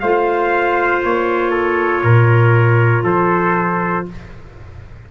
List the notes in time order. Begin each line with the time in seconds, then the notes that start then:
0.00 A3 F4 C5 F5
1.04 A#3 C#5
1.51 A4
2.03 A#2 A#4
3.03 F3 A4 C5